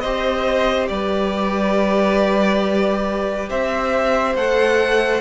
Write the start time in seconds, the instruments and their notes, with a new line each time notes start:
0.00 cello C4, viola G4, violin C5 D#5
0.88 cello G3, violin B4 D5
3.49 cello C4, violin C5 E5
4.35 cello A3, viola A4, violin F#5